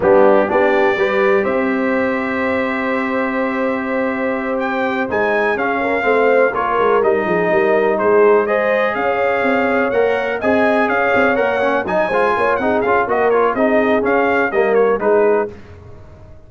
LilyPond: <<
  \new Staff \with { instrumentName = "trumpet" } { \time 4/4 \tempo 4 = 124 g'4 d''2 e''4~ | e''1~ | e''4. g''4 gis''4 f''8~ | f''4. cis''4 dis''4.~ |
dis''8 c''4 dis''4 f''4.~ | f''8 fis''4 gis''4 f''4 fis''8~ | fis''8 gis''4. fis''8 f''8 dis''8 cis''8 | dis''4 f''4 dis''8 cis''8 b'4 | }
  \new Staff \with { instrumentName = "horn" } { \time 4/4 d'4 g'4 b'4 c''4~ | c''1~ | c''2.~ c''8 gis'8 | ais'8 c''4 ais'4. gis'8 ais'8~ |
ais'8 gis'4 c''4 cis''4.~ | cis''4. dis''4 cis''4.~ | cis''8 dis''8 c''8 cis''8 gis'4 ais'4 | gis'2 ais'4 gis'4 | }
  \new Staff \with { instrumentName = "trombone" } { \time 4/4 b4 d'4 g'2~ | g'1~ | g'2~ g'8 dis'4 cis'8~ | cis'8 c'4 f'4 dis'4.~ |
dis'4. gis'2~ gis'8~ | gis'8 ais'4 gis'2 ais'8 | cis'8 dis'8 f'4 dis'8 f'8 fis'8 f'8 | dis'4 cis'4 ais4 dis'4 | }
  \new Staff \with { instrumentName = "tuba" } { \time 4/4 g4 b4 g4 c'4~ | c'1~ | c'2~ c'8 gis4 cis'8~ | cis'8 a4 ais8 gis8 g8 f8 g8~ |
g8 gis2 cis'4 c'8~ | c'8 ais4 c'4 cis'8 c'8 ais8~ | ais8 fis8 gis8 ais8 c'8 cis'8 ais4 | c'4 cis'4 g4 gis4 | }
>>